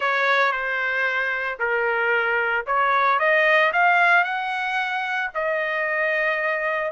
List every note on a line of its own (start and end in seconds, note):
0.00 0.52 C#5
0.52 1.58 C5
1.59 2.65 A#4
2.66 3.19 C#5
3.19 3.72 D#5
3.72 4.24 F5
4.24 5.30 F#5
5.34 6.91 D#5